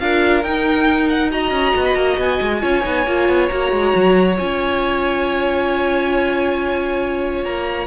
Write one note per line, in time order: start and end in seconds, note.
0.00 0.43 D4
0.00 0.44 F4
0.00 1.32 A#4
0.00 0.44 F5
0.43 1.51 D#4
0.43 1.31 D#4
0.43 1.09 G5
1.09 1.31 F#5
1.31 2.61 F#4
1.31 2.62 D#5
1.31 1.86 A#5
1.51 1.73 C#4
1.77 1.96 B3
1.86 1.96 B5
1.96 2.18 A#3
1.96 2.18 A#5
2.18 2.40 B3
2.18 3.49 G#5
2.42 2.63 G#3
2.61 2.85 C#4
2.61 2.83 F4
2.61 7.87 C#5
2.83 3.07 B3
2.83 3.05 D#4
3.07 3.29 A#3
3.07 3.51 F4
3.29 3.50 B3
3.49 3.72 A#3
3.49 4.38 F#4
3.49 4.36 A#5
3.72 3.94 G#3
3.96 4.40 F#3
4.39 7.46 C#4
4.39 7.87 F4
4.39 7.45 G#5
7.45 7.87 A#3
7.45 7.87 A#5